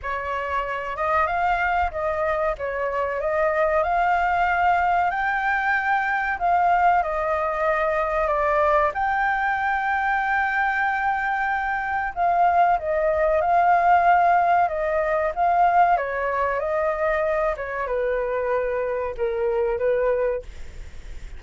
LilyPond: \new Staff \with { instrumentName = "flute" } { \time 4/4 \tempo 4 = 94 cis''4. dis''8 f''4 dis''4 | cis''4 dis''4 f''2 | g''2 f''4 dis''4~ | dis''4 d''4 g''2~ |
g''2. f''4 | dis''4 f''2 dis''4 | f''4 cis''4 dis''4. cis''8 | b'2 ais'4 b'4 | }